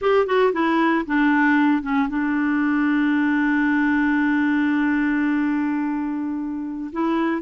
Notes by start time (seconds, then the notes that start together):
0.01 G4
0.26 F#4
0.52 E4
1.06 D4
1.82 C#4
2.08 D4
6.92 E4